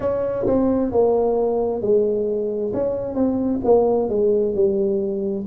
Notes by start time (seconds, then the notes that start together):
0.00 C#4
0.46 C4
0.91 A#3
1.81 G#3
2.73 C#4
3.14 C4
3.64 A#3
4.09 G#3
4.55 G3